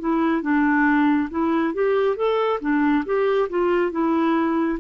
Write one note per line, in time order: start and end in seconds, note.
0.00 0.42 E4
0.42 1.29 D4
1.30 1.74 E4
1.74 2.17 G4
2.17 2.60 A4
2.61 3.04 D4
3.06 3.49 G4
3.49 3.92 F4
3.92 4.79 E4